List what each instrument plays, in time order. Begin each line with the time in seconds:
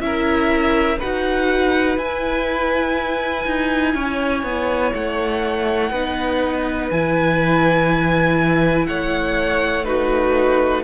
0.00 cello C#4, viola E4, violin A#4 E5
0.99 cello D#4, viola F#4, violin B4 F#5
1.98 cello E4, viola E4, violin G#5
3.46 cello D#4
3.95 cello C#4, violin C#5
4.44 cello B3
4.94 cello A3, violin F#5
5.91 cello B3, viola D#4, violin B4
6.91 cello E3, viola E4, violin G#5
8.86 cello A3, violin C#5 F#5
9.85 viola D#4, violin F#4 B4